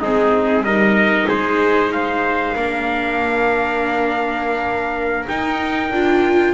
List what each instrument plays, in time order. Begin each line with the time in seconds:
0.00 double bass G#3, viola C4, trumpet D#4 G#4
0.62 double bass G3, viola D#4, trumpet A#4 D#5
1.27 double bass G#3, trumpet G#4 C5
1.92 trumpet C5 F5
2.56 double bass A#3, viola D4, trumpet A#4
5.28 viola D#4, double bass D#4, trumpet G5
5.92 double bass D4, viola F4